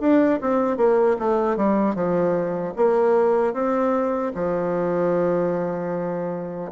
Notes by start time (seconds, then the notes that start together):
0.00 D4
0.41 C4
0.77 A#3
1.18 A3
1.56 G3
1.94 F3
2.76 A#3
3.53 C4
4.34 F3